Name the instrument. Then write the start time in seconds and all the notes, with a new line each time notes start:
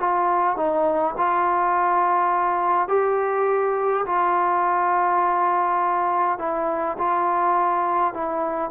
trombone
0.00 F4
0.57 D#4
1.18 F4
2.89 G4
4.06 F4
6.39 E4
6.98 F4
8.14 E4